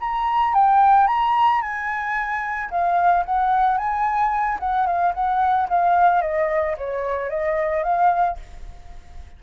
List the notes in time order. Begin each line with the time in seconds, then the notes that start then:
0.00 A#5
0.54 G5
1.07 A#5
1.62 G#5
2.70 F5
3.25 F#5
3.77 G#5
4.60 F#5
4.86 F5
5.14 F#5
5.69 F5
6.22 D#5
6.77 C#5
7.30 D#5
7.83 F5